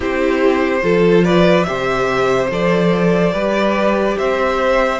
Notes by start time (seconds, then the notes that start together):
0.00 C4 E4 G4 C5
0.82 F3 F4 A4
1.24 B4 D5
1.63 C3 G4 C5 E5
2.50 F3 A4 D5
3.32 G3 G4 B4
4.18 C4 C5 E5